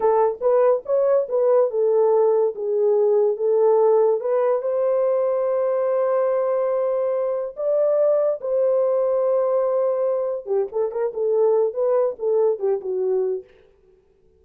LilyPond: \new Staff \with { instrumentName = "horn" } { \time 4/4 \tempo 4 = 143 a'4 b'4 cis''4 b'4 | a'2 gis'2 | a'2 b'4 c''4~ | c''1~ |
c''2 d''2 | c''1~ | c''4 g'8 a'8 ais'8 a'4. | b'4 a'4 g'8 fis'4. | }